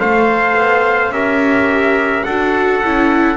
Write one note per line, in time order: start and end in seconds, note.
0.00 0.55 A3
0.00 1.12 A4
0.00 1.13 C5
0.00 1.13 F5
0.55 1.10 B3
1.10 2.23 C#4
1.10 2.25 G4
1.10 2.26 A#4
1.10 2.24 E5
2.24 2.83 D4
2.24 2.83 F#4
2.24 3.37 A4
2.24 3.37 F#5
2.84 3.37 C#4
2.84 3.37 E4